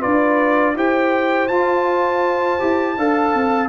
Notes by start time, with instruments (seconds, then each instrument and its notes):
0.00 tuba D4, trombone F4, horn B4, trumpet D5
0.76 tuba E4, trombone G4, horn C5, trumpet G5
1.48 tuba F4, trombone F4, trumpet A5
2.60 tuba E4, trombone G4
2.98 tuba D4, trombone A4, horn F5
3.35 tuba C4